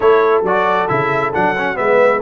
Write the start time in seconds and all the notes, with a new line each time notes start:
0.00 A3 E4 A4 C#5
0.42 F#3 F#4 D5
0.87 C#3 E4 E5
1.33 F#3 D4 F#5
1.57 C#4
1.74 G#3 B3 B4 E5